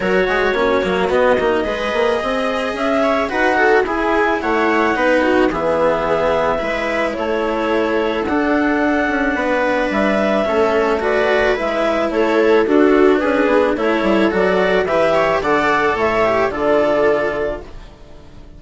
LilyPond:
<<
  \new Staff \with { instrumentName = "clarinet" } { \time 4/4 \tempo 4 = 109 cis''2 dis''2~ | dis''4 e''4 fis''4 gis''4 | fis''2 e''2~ | e''4 cis''2 fis''4~ |
fis''2 e''2 | d''4 e''4 cis''4 a'4 | b'4 cis''4 d''4 e''4 | fis''4 e''4 d''2 | }
  \new Staff \with { instrumentName = "viola" } { \time 4/4 ais'8 gis'8 fis'2 b'4 | dis''4. cis''8 b'8 a'8 gis'4 | cis''4 b'8 fis'8 gis'2 | b'4 a'2.~ |
a'4 b'2 a'4 | b'2 a'4 fis'4 | gis'4 a'2 b'8 cis''8 | d''4 cis''4 a'2 | }
  \new Staff \with { instrumentName = "cello" } { \time 4/4 fis'4 cis'8 ais8 b8 dis'8 gis'4~ | gis'2 fis'4 e'4~ | e'4 dis'4 b2 | e'2. d'4~ |
d'2. cis'4 | fis'4 e'2 d'4~ | d'4 e'4 fis'4 g'4 | a'4. g'8 f'2 | }
  \new Staff \with { instrumentName = "bassoon" } { \time 4/4 fis8 gis8 ais8 fis8 b8 ais8 gis8 ais8 | c'4 cis'4 dis'4 e'4 | a4 b4 e2 | gis4 a2 d'4~ |
d'8 cis'8 b4 g4 a4~ | a4 gis4 a4 d'4 | cis'8 b8 a8 g8 fis4 e4 | d4 a,4 d2 | }
>>